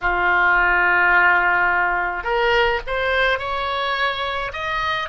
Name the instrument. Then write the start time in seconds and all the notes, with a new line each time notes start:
oboe
0.01 F4
2.23 A#4
2.86 C5
3.38 C#5
4.52 D#5